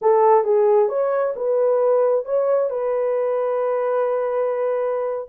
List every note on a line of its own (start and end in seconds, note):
0.01 0.44 A4
0.44 0.88 G#4
0.88 1.33 C#5
1.36 2.25 B4
2.25 2.69 C#5
2.69 5.28 B4